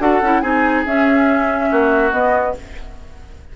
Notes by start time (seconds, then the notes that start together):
0.00 D4 F#4 A4 F#5
0.22 C#4 E4
0.41 C4 D#4 G#4 G#5
0.86 C#4 E5
1.72 A#3 F#4
2.12 B3 D#5